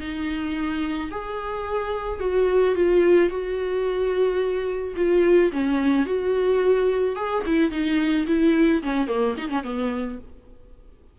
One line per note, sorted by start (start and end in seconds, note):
0.00 1.10 D#4
1.11 2.20 G#4
2.20 2.75 F#4
2.75 3.29 F4
3.29 4.94 F#4
4.96 5.51 F4
5.52 6.06 C#4
6.06 7.16 F#4
7.16 7.43 G#4
7.46 7.71 E4
7.71 8.26 D#4
8.27 8.82 E4
8.83 9.07 C#4
9.07 9.35 A#3
9.38 9.50 D#4
9.50 9.63 C#4
9.63 10.18 B3